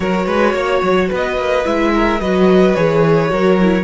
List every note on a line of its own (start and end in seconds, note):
0.00 0.26 F#3
0.00 1.64 F#4
0.00 0.26 A#4
0.00 1.10 C#5
0.26 0.53 G#3
0.26 0.53 B4
0.53 0.81 A#3
0.53 1.08 C#5
0.82 1.10 F#3
1.08 1.37 B3
1.08 1.91 B4
1.15 1.65 D#5
1.37 1.65 A#3
1.64 2.20 G#3
1.64 2.19 E4
1.64 2.20 E5
1.94 2.20 A#4
2.20 2.75 F#3
2.20 2.76 F#4
2.20 3.31 B4
2.20 2.74 D#5
2.74 3.31 E3
2.74 3.29 G#4
2.74 3.83 C#5
3.29 3.83 F#3
3.29 3.56 F#4
3.29 3.83 A#4
3.60 3.83 E4